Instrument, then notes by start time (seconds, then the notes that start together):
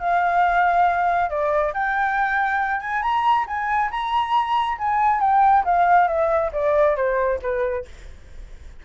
flute
0.00 F5
1.30 D5
1.74 G5
2.81 G#5
3.03 A#5
3.47 G#5
3.91 A#5
4.79 G#5
5.21 G5
5.65 F5
6.08 E5
6.53 D5
6.97 C5
7.42 B4